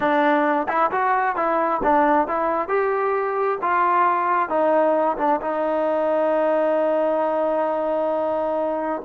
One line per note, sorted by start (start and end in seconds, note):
0.00 0.67 D4
0.68 0.90 E4
0.91 1.36 F#4
1.36 1.81 E4
1.83 2.27 D4
2.27 2.68 E4
2.68 3.58 G4
3.61 4.49 F4
4.49 5.17 D#4
5.17 5.40 D4
5.41 9.02 D#4